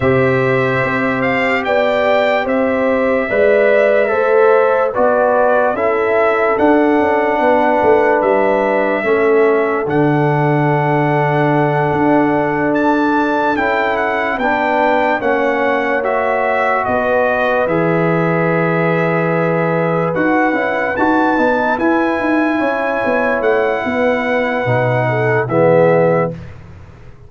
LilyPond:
<<
  \new Staff \with { instrumentName = "trumpet" } { \time 4/4 \tempo 4 = 73 e''4. f''8 g''4 e''4~ | e''2 d''4 e''4 | fis''2 e''2 | fis''2.~ fis''8 a''8~ |
a''8 g''8 fis''8 g''4 fis''4 e''8~ | e''8 dis''4 e''2~ e''8~ | e''8 fis''4 a''4 gis''4.~ | gis''8 fis''2~ fis''8 e''4 | }
  \new Staff \with { instrumentName = "horn" } { \time 4/4 c''2 d''4 c''4 | d''4 c''4 b'4 a'4~ | a'4 b'2 a'4~ | a'1~ |
a'4. b'4 cis''4.~ | cis''8 b'2.~ b'8~ | b'2.~ b'8 cis''8~ | cis''4 b'4. a'8 gis'4 | }
  \new Staff \with { instrumentName = "trombone" } { \time 4/4 g'1 | b'4 a'4 fis'4 e'4 | d'2. cis'4 | d'1~ |
d'8 e'4 d'4 cis'4 fis'8~ | fis'4. gis'2~ gis'8~ | gis'8 fis'8 e'8 fis'8 dis'8 e'4.~ | e'2 dis'4 b4 | }
  \new Staff \with { instrumentName = "tuba" } { \time 4/4 c4 c'4 b4 c'4 | gis4 a4 b4 cis'4 | d'8 cis'8 b8 a8 g4 a4 | d2~ d8 d'4.~ |
d'8 cis'4 b4 ais4.~ | ais8 b4 e2~ e8~ | e8 dis'8 cis'8 dis'8 b8 e'8 dis'8 cis'8 | b8 a8 b4 b,4 e4 | }
>>